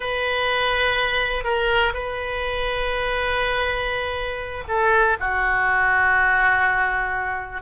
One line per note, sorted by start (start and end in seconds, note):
0.00 1.44 B4
1.44 1.93 A#4
1.93 4.64 B4
4.68 5.17 A4
5.20 7.62 F#4